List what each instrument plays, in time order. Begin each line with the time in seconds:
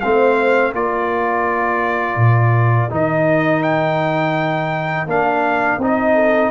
0.00 tuba A3, trombone C4, horn C5, trumpet F5
0.73 tuba A#3, trombone F4, horn A#4, trumpet D5
2.16 tuba A#2
2.90 tuba D#3, trombone D#4, trumpet D#5
3.62 trumpet G5
5.06 tuba A#3, trombone D4, trumpet F5
5.78 tuba C4, trombone D#4
5.84 trumpet D#5
6.14 horn A4